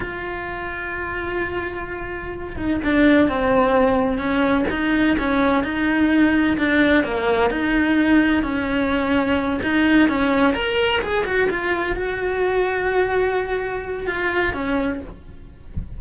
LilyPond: \new Staff \with { instrumentName = "cello" } { \time 4/4 \tempo 4 = 128 f'1~ | f'4. dis'8 d'4 c'4~ | c'4 cis'4 dis'4 cis'4 | dis'2 d'4 ais4 |
dis'2 cis'2~ | cis'8 dis'4 cis'4 ais'4 gis'8 | fis'8 f'4 fis'2~ fis'8~ | fis'2 f'4 cis'4 | }